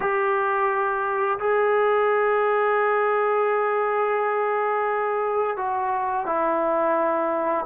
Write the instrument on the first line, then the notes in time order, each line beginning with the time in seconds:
trombone
0.00 G4
1.39 G#4
5.56 F#4
6.25 E4